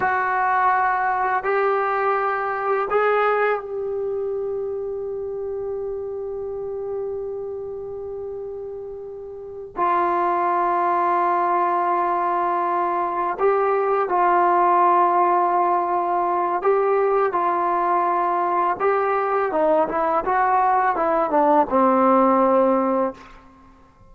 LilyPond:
\new Staff \with { instrumentName = "trombone" } { \time 4/4 \tempo 4 = 83 fis'2 g'2 | gis'4 g'2.~ | g'1~ | g'4. f'2~ f'8~ |
f'2~ f'8 g'4 f'8~ | f'2. g'4 | f'2 g'4 dis'8 e'8 | fis'4 e'8 d'8 c'2 | }